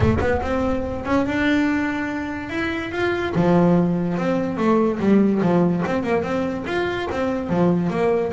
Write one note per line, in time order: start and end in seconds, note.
0.00 0.18 A3
0.20 0.41 B3
0.41 1.04 C4
1.05 1.25 C#4
1.25 2.49 D4
2.49 2.91 E4
2.91 3.33 F4
3.35 4.17 F3
4.17 4.57 C4
4.57 4.98 A3
4.99 5.41 G3
5.42 5.83 F3
5.86 6.03 C4
6.03 6.22 A#3
6.22 6.64 C4
6.66 7.08 F4
7.11 7.49 C4
7.49 7.90 F3
7.90 8.31 A#3